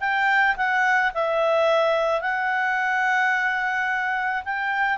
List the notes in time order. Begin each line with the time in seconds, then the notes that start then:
0.00 G5
0.57 F#5
1.14 E5
2.21 F#5
4.44 G5